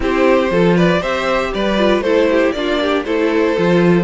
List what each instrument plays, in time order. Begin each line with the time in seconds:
0.00 cello C4, viola E4, violin G4 C5
0.50 cello F3, viola F4, violin A4
0.76 violin B4 D5
1.00 cello C4, viola G4, violin C5 E5
1.53 cello G3, violin B4 D5
1.77 viola F4
1.99 cello A3, viola E4, violin A4 C5
2.30 violin G4
2.51 cello A#3, viola D4, violin F4 D5
2.81 violin G4
3.05 cello A3, viola E4, violin A4 C5
3.57 cello F3, viola F4